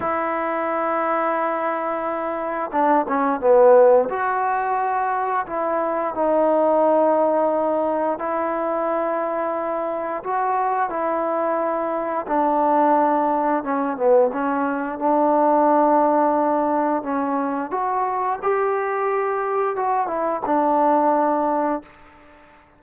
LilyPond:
\new Staff \with { instrumentName = "trombone" } { \time 4/4 \tempo 4 = 88 e'1 | d'8 cis'8 b4 fis'2 | e'4 dis'2. | e'2. fis'4 |
e'2 d'2 | cis'8 b8 cis'4 d'2~ | d'4 cis'4 fis'4 g'4~ | g'4 fis'8 e'8 d'2 | }